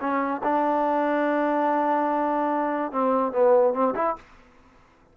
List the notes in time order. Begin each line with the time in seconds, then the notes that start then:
0.00 C#4
0.43 D4
2.92 C4
3.32 B3
3.74 C4
3.95 E4